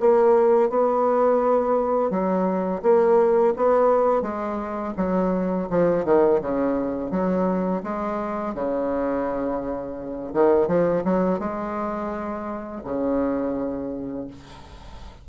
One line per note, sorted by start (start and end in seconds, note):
0.00 0.69 A#3
0.69 2.10 B3
2.10 2.82 F#3
2.83 3.54 A#3
3.56 4.22 B3
4.22 4.94 G#3
4.97 5.69 F#3
5.70 6.05 F3
6.05 6.41 D#3
6.41 7.11 C#3
7.11 7.82 F#3
7.83 8.55 G#3
8.55 10.33 C#3
10.33 10.68 D#3
10.68 11.04 F3
11.05 11.39 F#3
11.39 12.82 G#3
12.84 14.27 C#3